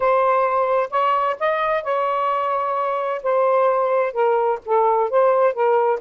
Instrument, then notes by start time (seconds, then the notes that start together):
saxophone
0.00 C5
0.90 C#5
1.39 D#5
1.83 C#5
3.22 C5
4.12 A#4
4.65 A4
5.09 C5
5.53 A#4